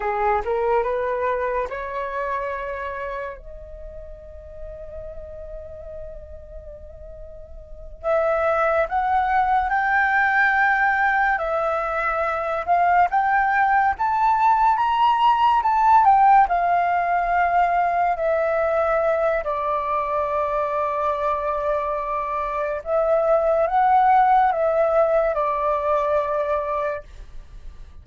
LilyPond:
\new Staff \with { instrumentName = "flute" } { \time 4/4 \tempo 4 = 71 gis'8 ais'8 b'4 cis''2 | dis''1~ | dis''4. e''4 fis''4 g''8~ | g''4. e''4. f''8 g''8~ |
g''8 a''4 ais''4 a''8 g''8 f''8~ | f''4. e''4. d''4~ | d''2. e''4 | fis''4 e''4 d''2 | }